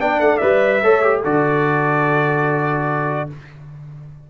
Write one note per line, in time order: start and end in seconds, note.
0.00 0.20 B3
0.00 0.41 D4
0.00 0.82 D5
0.00 0.20 G5
0.20 0.41 A3
0.20 0.38 F#5
0.38 0.83 G3
0.38 0.82 B4
0.38 1.20 E5
0.83 1.24 A3
0.83 1.03 A4
0.83 1.22 C#5
1.03 1.24 G4
1.22 3.30 D3
1.22 3.30 F#4
1.22 3.27 A4
1.22 3.30 D5